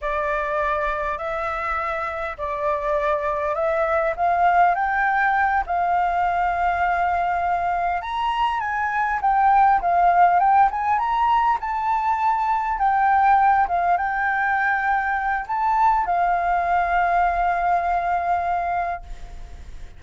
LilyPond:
\new Staff \with { instrumentName = "flute" } { \time 4/4 \tempo 4 = 101 d''2 e''2 | d''2 e''4 f''4 | g''4. f''2~ f''8~ | f''4. ais''4 gis''4 g''8~ |
g''8 f''4 g''8 gis''8 ais''4 a''8~ | a''4. g''4. f''8 g''8~ | g''2 a''4 f''4~ | f''1 | }